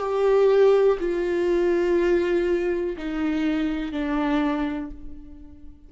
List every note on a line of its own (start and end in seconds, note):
0.00 0.98 G4
1.00 2.96 F4
2.98 3.93 D#4
3.93 4.91 D4